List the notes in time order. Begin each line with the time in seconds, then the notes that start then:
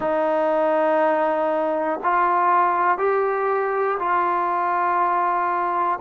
0.00 D#4
2.03 F4
2.97 G4
3.99 F4